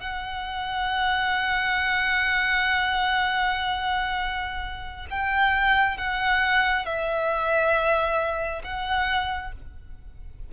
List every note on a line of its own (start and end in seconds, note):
0.00 5.07 F#5
5.10 5.97 G5
5.97 6.85 F#5
6.85 8.62 E5
8.64 9.52 F#5